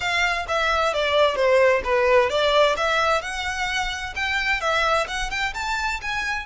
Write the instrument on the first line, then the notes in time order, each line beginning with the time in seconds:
violin
0.00 F5
0.48 E5
0.93 D5
1.35 C5
1.84 B4
2.29 D5
2.76 E5
3.21 F#5
4.15 G5
4.60 E5
5.07 F#5
5.30 G5
5.54 A5
6.01 G#5